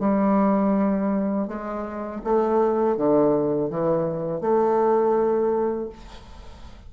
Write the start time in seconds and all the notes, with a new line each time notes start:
0.00 G3
1.48 G#3
2.24 A3
2.97 D3
3.70 E3
4.41 A3